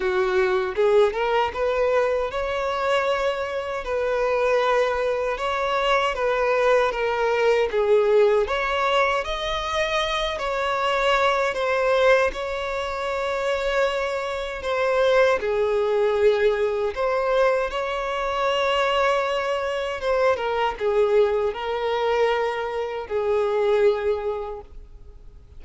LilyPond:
\new Staff \with { instrumentName = "violin" } { \time 4/4 \tempo 4 = 78 fis'4 gis'8 ais'8 b'4 cis''4~ | cis''4 b'2 cis''4 | b'4 ais'4 gis'4 cis''4 | dis''4. cis''4. c''4 |
cis''2. c''4 | gis'2 c''4 cis''4~ | cis''2 c''8 ais'8 gis'4 | ais'2 gis'2 | }